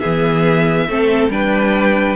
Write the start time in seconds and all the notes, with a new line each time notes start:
0.00 E3 B3 G#4 E5
0.88 A3 C4 A4
1.29 G3 D4 B4 G5